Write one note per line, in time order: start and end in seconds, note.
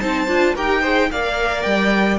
0.00 0.28 C4
0.00 0.28 D#4
0.00 0.55 C5
0.00 0.55 A5
0.28 0.55 D4
0.28 0.56 F4
0.55 1.11 D#4
0.55 0.83 G4
0.55 0.82 A#4
0.55 1.11 G5
0.82 1.11 G#4
0.82 1.10 C5
1.11 1.65 A#3
1.11 2.19 A#4
1.11 2.19 D5
1.11 1.63 F5
1.63 2.19 G3
1.63 2.18 G5